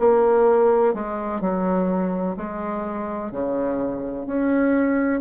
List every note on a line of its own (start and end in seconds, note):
0.00 0.94 A#3
0.94 1.41 G#3
1.41 2.36 F#3
2.37 3.32 G#3
3.32 4.27 C#3
4.27 5.21 C#4